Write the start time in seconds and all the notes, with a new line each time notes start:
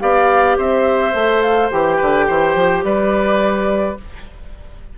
0.00 B3 G4 D5 F5
0.58 C4 C5 E5
1.12 A3 A4
1.42 F5
1.71 E3 G4 G5
1.97 D3 B4
2.28 E3 C5
2.55 F3
2.84 G3 B4 D5